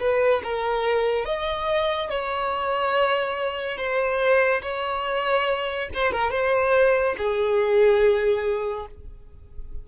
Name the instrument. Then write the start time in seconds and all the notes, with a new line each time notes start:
violin
0.00 B4
0.44 A#4
1.26 D#5
2.10 C#5
3.78 C5
4.62 C#5
5.94 C5
6.12 A#4
6.31 C5
7.18 G#4